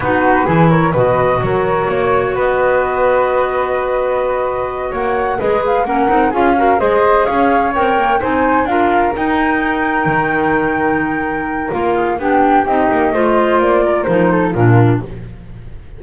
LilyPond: <<
  \new Staff \with { instrumentName = "flute" } { \time 4/4 \tempo 4 = 128 b'4. cis''8 dis''4 cis''4~ | cis''4 dis''2.~ | dis''2~ dis''8 fis''4 dis''8 | f''8 fis''4 f''4 dis''4 f''8~ |
f''8 g''4 gis''4 f''4 g''8~ | g''1~ | g''4 f''4 g''4 dis''4~ | dis''4 d''4 c''4 ais'4 | }
  \new Staff \with { instrumentName = "flute" } { \time 4/4 fis'4 gis'8 ais'8 b'4 ais'4 | cis''4 b'2.~ | b'2~ b'8 cis''4 b'8~ | b'8 ais'4 gis'8 ais'8 c''4 cis''8~ |
cis''4. c''4 ais'4.~ | ais'1~ | ais'4. gis'8 g'2 | c''4. ais'4 a'8 f'4 | }
  \new Staff \with { instrumentName = "clarinet" } { \time 4/4 dis'4 e'4 fis'2~ | fis'1~ | fis'2.~ fis'8 gis'8~ | gis'8 cis'8 dis'8 f'8 fis'8 gis'4.~ |
gis'8 ais'4 dis'4 f'4 dis'8~ | dis'1~ | dis'4 f'4 d'4 dis'4 | f'2 dis'4 d'4 | }
  \new Staff \with { instrumentName = "double bass" } { \time 4/4 b4 e4 b,4 fis4 | ais4 b2.~ | b2~ b8 ais4 gis8~ | gis8 ais8 c'8 cis'4 gis4 cis'8~ |
cis'8 c'8 ais8 c'4 d'4 dis'8~ | dis'4. dis2~ dis8~ | dis4 ais4 b4 c'8 ais8 | a4 ais4 f4 ais,4 | }
>>